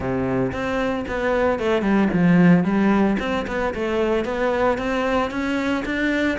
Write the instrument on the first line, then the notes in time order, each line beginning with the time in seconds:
cello
0.00 C3
0.52 C4
1.08 B3
1.59 A3
1.82 G3
2.13 F3
2.64 G3
3.19 C4
3.47 B3
3.74 A3
4.25 B3
4.78 C4
5.30 C#4
5.85 D4